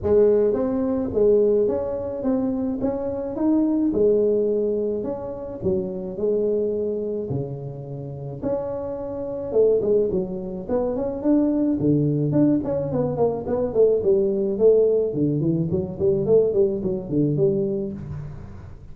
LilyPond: \new Staff \with { instrumentName = "tuba" } { \time 4/4 \tempo 4 = 107 gis4 c'4 gis4 cis'4 | c'4 cis'4 dis'4 gis4~ | gis4 cis'4 fis4 gis4~ | gis4 cis2 cis'4~ |
cis'4 a8 gis8 fis4 b8 cis'8 | d'4 d4 d'8 cis'8 b8 ais8 | b8 a8 g4 a4 d8 e8 | fis8 g8 a8 g8 fis8 d8 g4 | }